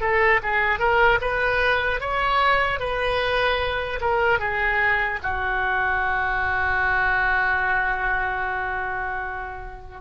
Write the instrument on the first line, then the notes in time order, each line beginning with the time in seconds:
oboe
0.00 A4
0.43 G#4
0.79 A#4
1.21 B4
2.00 C#5
2.79 B4
4.00 A#4
4.39 G#4
5.22 F#4